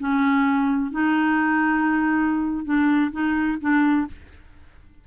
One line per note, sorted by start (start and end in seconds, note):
0.00 0.92 C#4
0.92 2.65 D#4
2.65 3.12 D4
3.12 3.59 D#4
3.61 4.08 D4